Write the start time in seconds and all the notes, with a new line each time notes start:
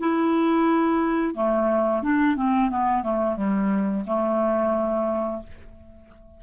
0.00 E4
1.35 A3
2.03 D4
2.36 C4
2.71 B3
3.03 A3
3.36 G3
4.07 A3